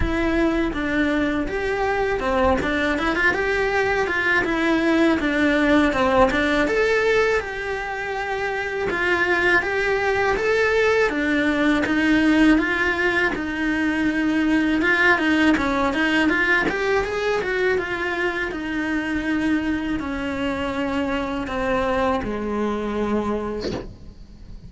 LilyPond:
\new Staff \with { instrumentName = "cello" } { \time 4/4 \tempo 4 = 81 e'4 d'4 g'4 c'8 d'8 | e'16 f'16 g'4 f'8 e'4 d'4 | c'8 d'8 a'4 g'2 | f'4 g'4 a'4 d'4 |
dis'4 f'4 dis'2 | f'8 dis'8 cis'8 dis'8 f'8 g'8 gis'8 fis'8 | f'4 dis'2 cis'4~ | cis'4 c'4 gis2 | }